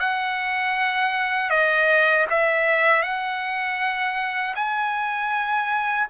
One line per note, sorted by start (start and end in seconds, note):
0.00 1.51 F#5
1.51 2.26 D#5
2.30 3.03 E5
3.03 4.55 F#5
4.56 6.08 G#5